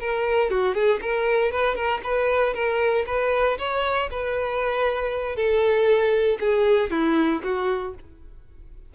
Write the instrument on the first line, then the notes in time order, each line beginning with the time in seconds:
violin
0.00 A#4
0.51 F#4
0.75 G#4
1.02 A#4
1.52 B4
1.76 A#4
2.04 B4
2.54 A#4
3.07 B4
3.59 C#5
4.11 B4
5.36 A4
6.40 G#4
6.91 E4
7.44 F#4